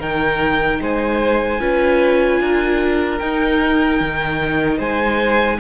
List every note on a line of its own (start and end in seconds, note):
0.00 0.81 D#3
0.00 1.60 D#4
0.00 0.80 A#4
0.00 0.82 G5
0.81 1.61 G#3
0.81 1.61 C5
0.81 3.19 G#5
1.60 2.41 C#4
1.60 3.20 F4
1.60 2.41 B4
2.41 3.21 D4
2.41 4.78 A#4
3.19 4.01 D#4
3.19 5.60 D#4
3.19 4.79 G5
4.01 4.79 D#3
4.78 5.59 G#3
4.78 5.58 C5
4.78 5.60 G#5